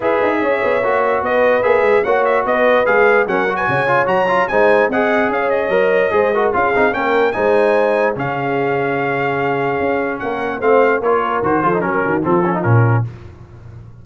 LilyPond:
<<
  \new Staff \with { instrumentName = "trumpet" } { \time 4/4 \tempo 4 = 147 e''2. dis''4 | e''4 fis''8 e''8 dis''4 f''4 | fis''8. gis''4~ gis''16 ais''4 gis''4 | fis''4 f''8 dis''2~ dis''8 |
f''4 g''4 gis''2 | f''1~ | f''4 fis''4 f''4 cis''4 | c''4 ais'4 a'4 ais'4 | }
  \new Staff \with { instrumentName = "horn" } { \time 4/4 b'4 cis''2 b'4~ | b'4 cis''4 b'2 | ais'8. b'16 cis''2 c''4 | dis''4 cis''2 c''8 ais'8 |
gis'4 ais'4 c''2 | gis'1~ | gis'4 ais'4 c''4 ais'4~ | ais'8 a'8 ais'8 fis'8 f'2 | }
  \new Staff \with { instrumentName = "trombone" } { \time 4/4 gis'2 fis'2 | gis'4 fis'2 gis'4 | cis'8 fis'4 f'8 fis'8 f'8 dis'4 | gis'2 ais'4 gis'8 fis'8 |
f'8 dis'8 cis'4 dis'2 | cis'1~ | cis'2 c'4 f'4 | fis'8 f'16 dis'16 cis'4 c'8 cis'16 dis'16 cis'4 | }
  \new Staff \with { instrumentName = "tuba" } { \time 4/4 e'8 dis'8 cis'8 b8 ais4 b4 | ais8 gis8 ais4 b4 gis4 | fis4 cis4 fis4 gis4 | c'4 cis'4 fis4 gis4 |
cis'8 c'8 ais4 gis2 | cis1 | cis'4 ais4 a4 ais4 | dis8 f8 fis8 dis8 f4 ais,4 | }
>>